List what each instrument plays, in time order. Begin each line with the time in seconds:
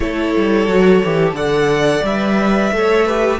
0.00 cello A3, viola E4, violin A4 C#5
0.36 cello G3
0.67 cello F#3, viola F#4
1.03 cello E3, viola G4
1.32 cello D3, viola A4, violin D5 F#5
2.03 cello G3, viola B4, violin E5
2.72 cello A3, viola A4, violin C#5
3.06 viola G4, violin B4